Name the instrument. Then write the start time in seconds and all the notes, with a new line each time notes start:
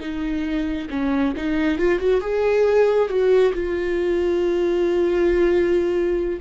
viola
0.00 D#4
0.90 C#4
1.36 D#4
1.78 F4
1.99 F#4
2.21 G#4
3.09 F#4
3.53 F4